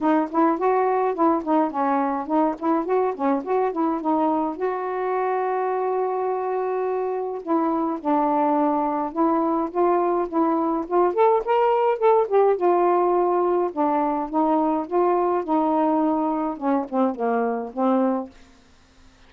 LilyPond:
\new Staff \with { instrumentName = "saxophone" } { \time 4/4 \tempo 4 = 105 dis'8 e'8 fis'4 e'8 dis'8 cis'4 | dis'8 e'8 fis'8 cis'8 fis'8 e'8 dis'4 | fis'1~ | fis'4 e'4 d'2 |
e'4 f'4 e'4 f'8 a'8 | ais'4 a'8 g'8 f'2 | d'4 dis'4 f'4 dis'4~ | dis'4 cis'8 c'8 ais4 c'4 | }